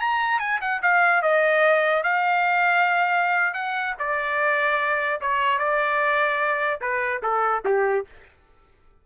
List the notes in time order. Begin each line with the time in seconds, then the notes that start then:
0.00 A#5
0.39 G#5
0.61 F#5
0.82 F5
1.22 D#5
2.03 F5
3.53 F#5
3.98 D5
5.21 C#5
5.58 D5
6.81 B4
7.22 A4
7.65 G4